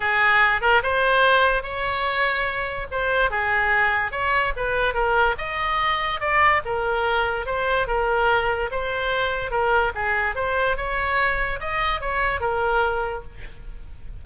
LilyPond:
\new Staff \with { instrumentName = "oboe" } { \time 4/4 \tempo 4 = 145 gis'4. ais'8 c''2 | cis''2. c''4 | gis'2 cis''4 b'4 | ais'4 dis''2 d''4 |
ais'2 c''4 ais'4~ | ais'4 c''2 ais'4 | gis'4 c''4 cis''2 | dis''4 cis''4 ais'2 | }